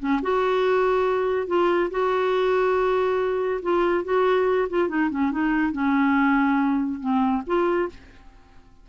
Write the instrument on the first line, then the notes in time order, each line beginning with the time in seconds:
clarinet
0.00 C#4
0.23 F#4
1.48 F4
1.91 F#4
3.63 F4
4.05 F#4
4.70 F4
4.89 D#4
5.11 C#4
5.32 D#4
5.73 C#4
7.01 C4
7.47 F4